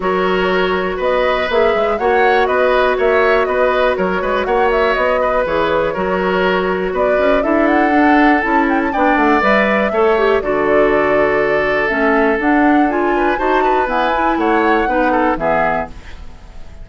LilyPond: <<
  \new Staff \with { instrumentName = "flute" } { \time 4/4 \tempo 4 = 121 cis''2 dis''4 e''4 | fis''4 dis''4 e''4 dis''4 | cis''4 fis''8 e''8 dis''4 cis''4~ | cis''2 d''4 e''8 fis''8~ |
fis''4 a''8 g''16 a''16 g''8 fis''8 e''4~ | e''4 d''2. | e''4 fis''4 gis''4 a''4 | gis''4 fis''2 e''4 | }
  \new Staff \with { instrumentName = "oboe" } { \time 4/4 ais'2 b'2 | cis''4 b'4 cis''4 b'4 | ais'8 b'8 cis''4. b'4. | ais'2 b'4 a'4~ |
a'2 d''2 | cis''4 a'2.~ | a'2~ a'8 b'8 c''8 b'8~ | b'4 cis''4 b'8 a'8 gis'4 | }
  \new Staff \with { instrumentName = "clarinet" } { \time 4/4 fis'2. gis'4 | fis'1~ | fis'2. gis'4 | fis'2. e'4 |
d'4 e'4 d'4 b'4 | a'8 g'8 fis'2. | cis'4 d'4 f'4 fis'4 | b8 e'4. dis'4 b4 | }
  \new Staff \with { instrumentName = "bassoon" } { \time 4/4 fis2 b4 ais8 gis8 | ais4 b4 ais4 b4 | fis8 gis8 ais4 b4 e4 | fis2 b8 cis'8 d'4~ |
d'4 cis'4 b8 a8 g4 | a4 d2. | a4 d'2 dis'4 | e'4 a4 b4 e4 | }
>>